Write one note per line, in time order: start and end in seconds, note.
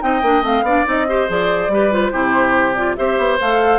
0.00 0.22 C4
0.00 0.21 D#4
0.00 0.65 D#5
0.00 0.44 G5
0.22 0.42 A#3
0.22 0.42 D4
0.42 0.62 A3
0.42 0.63 C4
0.42 0.87 F5
0.62 0.83 B3
0.62 0.85 D4
0.62 1.07 D5
0.85 1.29 C4
0.85 1.06 D#4
0.85 1.31 D#5
1.08 1.28 G4
1.08 1.72 C5
1.28 1.68 F3
1.28 1.70 G#4
1.28 1.93 D5
1.68 2.10 G3
1.68 1.92 G4
1.68 2.12 B4
1.92 2.12 F4
1.92 2.75 C5
2.12 2.97 C3
2.12 2.75 E4
2.12 2.96 G4
2.75 2.97 F4
2.75 2.96 D5
2.96 3.18 C4
2.96 3.39 G4
2.96 3.79 C5
2.96 3.38 E5
3.18 3.39 B3
3.40 3.79 A3
3.40 3.79 A4
3.40 3.79 F5